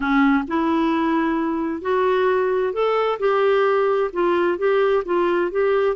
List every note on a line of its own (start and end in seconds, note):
0.00 0.44 C#4
0.47 1.81 E4
1.81 2.73 F#4
2.73 3.18 A4
3.19 4.10 G4
4.12 4.57 F4
4.57 5.03 G4
5.05 5.51 F4
5.51 5.96 G4